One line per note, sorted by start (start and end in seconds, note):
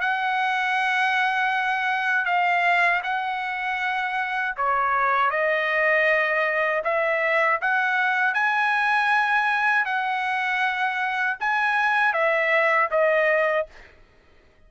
0.00 2.25 F#5
2.25 3.01 F5
3.03 4.55 F#5
4.56 5.30 C#5
5.30 6.82 D#5
6.84 7.59 E5
7.61 8.33 F#5
8.33 9.85 G#5
9.85 11.37 F#5
11.40 12.13 G#5
12.13 12.89 E5
12.90 13.66 D#5